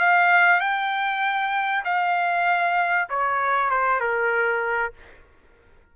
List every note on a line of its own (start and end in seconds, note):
0.00 0.60 F5
0.60 1.84 G5
1.85 3.09 F5
3.10 3.71 C#5
3.71 4.01 C5
4.01 4.93 A#4